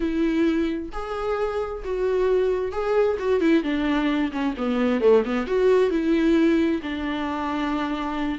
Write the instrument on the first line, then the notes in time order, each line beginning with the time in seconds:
viola
0.00 E4
0.92 G#4
1.84 F#4
2.71 G#4
3.19 F#4
3.40 E4
3.63 D4
4.31 C#4
4.57 B3
5.00 A3
5.24 B3
5.46 F#4
5.90 E4
6.82 D4